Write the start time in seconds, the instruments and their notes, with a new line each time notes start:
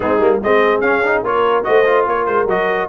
0.00 tuba G#3, trombone C4, horn D#4, trumpet G#4
0.19 tuba G3, trombone A#3
0.42 tuba G#3, trombone C4, horn G#4, trumpet D#5
0.80 tuba C#4, trombone C#4, trumpet F5
1.04 trombone D#4
1.22 tuba A#3, trombone F4, horn A#4, trumpet C#5
1.64 tuba A3, trombone F#4, horn C5, trumpet D#5
1.85 trombone F4
2.06 tuba A#3, horn A#4, trumpet C#5
2.26 tuba G#3, trumpet C5
2.45 tuba F#3, trombone F#4, trumpet D#5